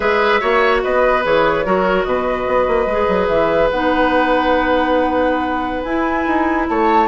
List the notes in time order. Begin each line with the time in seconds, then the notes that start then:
0.00 G#3 G#4 B4 E5
0.40 A#3 F#4 C#5
0.82 B3 B4 D#5
1.23 E3 G#4 C#5
1.64 F#3 F#4 A#4
2.03 B2 B4 D#5
2.47 B3
2.67 A#3
2.86 G#3 G#4
3.07 F#3
3.27 E3 E5
3.70 B3 D#4 F#5
5.83 E4 G#5
6.26 D#4
6.68 A3 C#5 A5